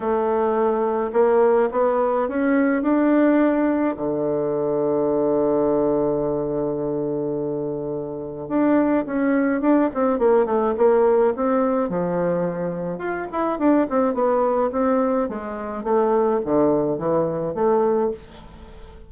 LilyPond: \new Staff \with { instrumentName = "bassoon" } { \time 4/4 \tempo 4 = 106 a2 ais4 b4 | cis'4 d'2 d4~ | d1~ | d2. d'4 |
cis'4 d'8 c'8 ais8 a8 ais4 | c'4 f2 f'8 e'8 | d'8 c'8 b4 c'4 gis4 | a4 d4 e4 a4 | }